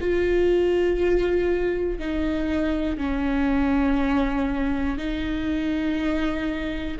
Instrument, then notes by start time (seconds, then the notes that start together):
viola
0.00 F4
1.98 D#4
2.97 C#4
4.98 D#4